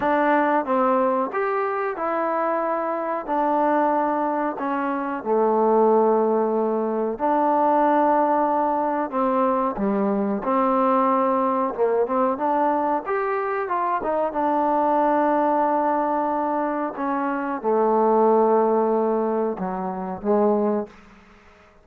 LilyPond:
\new Staff \with { instrumentName = "trombone" } { \time 4/4 \tempo 4 = 92 d'4 c'4 g'4 e'4~ | e'4 d'2 cis'4 | a2. d'4~ | d'2 c'4 g4 |
c'2 ais8 c'8 d'4 | g'4 f'8 dis'8 d'2~ | d'2 cis'4 a4~ | a2 fis4 gis4 | }